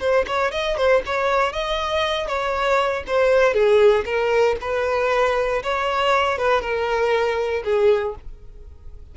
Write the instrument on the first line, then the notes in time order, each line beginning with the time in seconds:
violin
0.00 C5
0.27 C#5
0.52 D#5
0.77 C5
1.06 C#5
1.53 D#5
2.27 C#5
3.07 C5
3.54 G#4
4.06 A#4
4.61 B4
5.63 C#5
6.39 B4
6.62 A#4
7.64 G#4